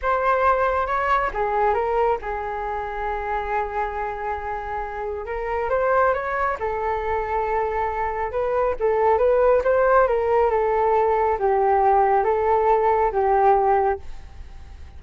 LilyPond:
\new Staff \with { instrumentName = "flute" } { \time 4/4 \tempo 4 = 137 c''2 cis''4 gis'4 | ais'4 gis'2.~ | gis'1 | ais'4 c''4 cis''4 a'4~ |
a'2. b'4 | a'4 b'4 c''4 ais'4 | a'2 g'2 | a'2 g'2 | }